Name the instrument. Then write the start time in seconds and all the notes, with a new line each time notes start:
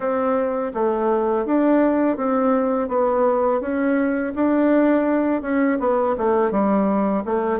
bassoon
0.00 C4
0.74 A3
1.45 D4
2.17 C4
2.88 B3
3.60 C#4
4.35 D4
5.42 C#4
5.79 B3
6.17 A3
6.51 G3
7.25 A3